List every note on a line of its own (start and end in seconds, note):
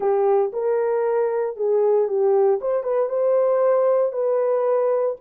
0.00 0.51 G4
0.52 1.56 A#4
1.56 2.08 G#4
2.08 2.59 G4
2.61 2.83 C5
2.83 3.09 B4
3.09 4.12 C5
4.12 5.16 B4